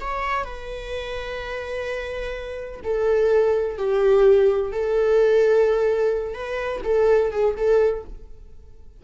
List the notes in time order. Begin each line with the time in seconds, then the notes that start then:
0.00 C#5
0.44 B4
2.83 A4
3.77 G4
4.72 A4
6.34 B4
6.84 A4
7.31 G#4
7.56 A4